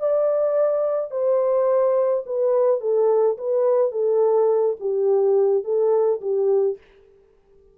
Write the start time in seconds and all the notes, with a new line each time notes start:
0.00 D5
1.11 C5
2.27 B4
2.81 A4
3.38 B4
3.92 A4
4.80 G4
5.64 A4
6.22 G4